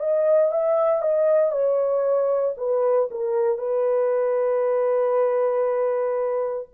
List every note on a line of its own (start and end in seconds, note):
0.00 0.52 D#5
0.52 1.02 E5
1.02 1.52 D#5
1.52 2.55 C#5
2.58 3.09 B4
3.11 3.58 A#4
3.58 6.69 B4